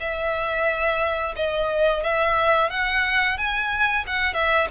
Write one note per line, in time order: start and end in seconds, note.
0.00 1.35 E5
1.36 2.03 D#5
2.03 2.70 E5
2.70 3.37 F#5
3.37 4.05 G#5
4.07 4.34 F#5
4.34 4.68 E5